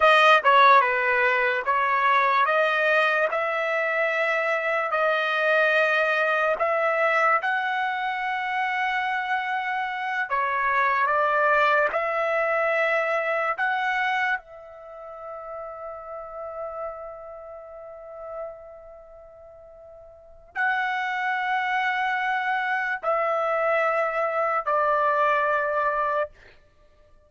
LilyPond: \new Staff \with { instrumentName = "trumpet" } { \time 4/4 \tempo 4 = 73 dis''8 cis''8 b'4 cis''4 dis''4 | e''2 dis''2 | e''4 fis''2.~ | fis''8 cis''4 d''4 e''4.~ |
e''8 fis''4 e''2~ e''8~ | e''1~ | e''4 fis''2. | e''2 d''2 | }